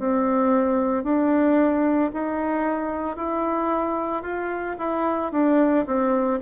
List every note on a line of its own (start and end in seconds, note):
0.00 1.04 C4
1.04 2.11 D4
2.14 3.17 D#4
3.17 4.23 E4
4.23 4.76 F4
4.79 5.32 E4
5.32 5.86 D4
5.87 6.40 C4